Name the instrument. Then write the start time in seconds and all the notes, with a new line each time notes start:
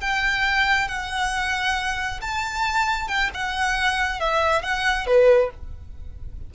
violin
0.00 G5
0.88 F#5
2.21 A5
3.08 G5
3.34 F#5
4.20 E5
4.62 F#5
5.06 B4